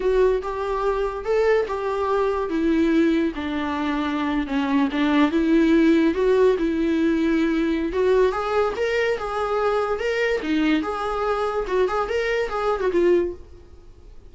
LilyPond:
\new Staff \with { instrumentName = "viola" } { \time 4/4 \tempo 4 = 144 fis'4 g'2 a'4 | g'2 e'2 | d'2~ d'8. cis'4 d'16~ | d'8. e'2 fis'4 e'16~ |
e'2. fis'4 | gis'4 ais'4 gis'2 | ais'4 dis'4 gis'2 | fis'8 gis'8 ais'4 gis'8. fis'16 f'4 | }